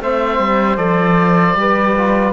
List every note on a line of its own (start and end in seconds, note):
0.00 0.39 A3
0.00 0.77 C4
0.00 1.58 C5
0.00 0.77 E5
0.39 0.77 G3
0.77 1.54 F3
0.77 1.55 A4
0.77 2.33 D5
1.54 2.32 G3
1.54 1.95 G4
1.54 2.33 B4
1.97 2.33 F4